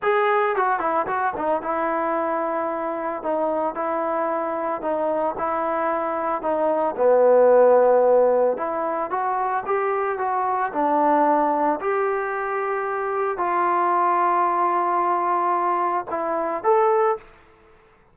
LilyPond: \new Staff \with { instrumentName = "trombone" } { \time 4/4 \tempo 4 = 112 gis'4 fis'8 e'8 fis'8 dis'8 e'4~ | e'2 dis'4 e'4~ | e'4 dis'4 e'2 | dis'4 b2. |
e'4 fis'4 g'4 fis'4 | d'2 g'2~ | g'4 f'2.~ | f'2 e'4 a'4 | }